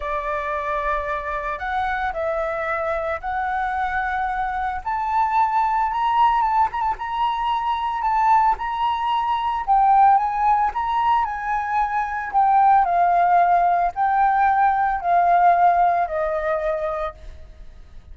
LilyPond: \new Staff \with { instrumentName = "flute" } { \time 4/4 \tempo 4 = 112 d''2. fis''4 | e''2 fis''2~ | fis''4 a''2 ais''4 | a''8 ais''16 a''16 ais''2 a''4 |
ais''2 g''4 gis''4 | ais''4 gis''2 g''4 | f''2 g''2 | f''2 dis''2 | }